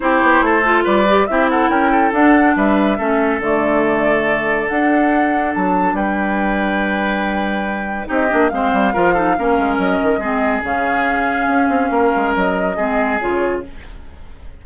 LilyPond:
<<
  \new Staff \with { instrumentName = "flute" } { \time 4/4 \tempo 4 = 141 c''2 d''4 e''8 fis''8 | g''4 fis''4 e''2 | d''2. fis''4~ | fis''4 a''4 g''2~ |
g''2. dis''4 | f''2. dis''4~ | dis''4 f''2.~ | f''4 dis''2 cis''4 | }
  \new Staff \with { instrumentName = "oboe" } { \time 4/4 g'4 a'4 b'4 g'8 a'8 | ais'8 a'4. b'4 a'4~ | a'1~ | a'2 b'2~ |
b'2. g'4 | c''4 ais'8 a'8 ais'2 | gis'1 | ais'2 gis'2 | }
  \new Staff \with { instrumentName = "clarinet" } { \time 4/4 e'4. f'4 g'8 e'4~ | e'4 d'2 cis'4 | a2. d'4~ | d'1~ |
d'2. dis'8 d'8 | c'4 f'8 dis'8 cis'2 | c'4 cis'2.~ | cis'2 c'4 f'4 | }
  \new Staff \with { instrumentName = "bassoon" } { \time 4/4 c'8 b8 a4 g4 c'4 | cis'4 d'4 g4 a4 | d2. d'4~ | d'4 fis4 g2~ |
g2. c'8 ais8 | gis8 g8 f4 ais8 gis8 fis8 dis8 | gis4 cis2 cis'8 c'8 | ais8 gis8 fis4 gis4 cis4 | }
>>